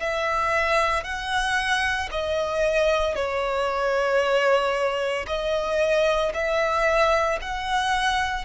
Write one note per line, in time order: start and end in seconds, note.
0.00 1.04 E5
1.04 2.10 F#5
2.12 3.16 D#5
3.16 5.26 C#5
5.28 6.33 D#5
6.34 7.39 E5
7.42 8.45 F#5